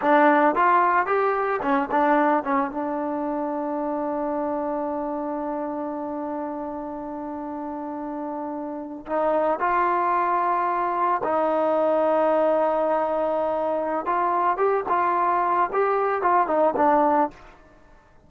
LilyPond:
\new Staff \with { instrumentName = "trombone" } { \time 4/4 \tempo 4 = 111 d'4 f'4 g'4 cis'8 d'8~ | d'8 cis'8 d'2.~ | d'1~ | d'1~ |
d'8. dis'4 f'2~ f'16~ | f'8. dis'2.~ dis'16~ | dis'2 f'4 g'8 f'8~ | f'4 g'4 f'8 dis'8 d'4 | }